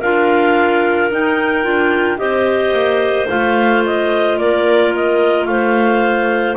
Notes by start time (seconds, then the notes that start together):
0.00 D4 F4 A#4 F5
1.11 D#4 G5
1.64 D4 F4
2.18 C4 G4 C5 D#5
2.73 A#3
3.29 A3 F4 F5
3.86 D#5
4.38 A#3 A#4 D5
4.96 D#5
5.46 A3 C5 F5